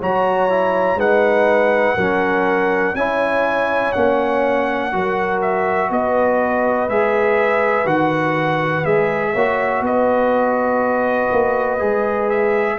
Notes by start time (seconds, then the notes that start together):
0.00 F#3 F#4 C#5 A#5
0.50 E4
0.96 G#3 D#4 B4 F#5
1.96 F#3 C#4 A#4
2.95 C#4 E4 C#5 G#5
3.93 A#3 C#4 F#5
4.92 F#3 F#4 A#4
5.42 E5
5.90 B3 B4 D#5
6.89 G#3 G#4 E5
7.85 D#3 F#4 F#5
8.84 G#3 G#4 E5
9.33 A#3 F#4 C#5
9.81 B3 B4 D#5
11.32 A#3
11.80 G#3 G#4
12.30 E5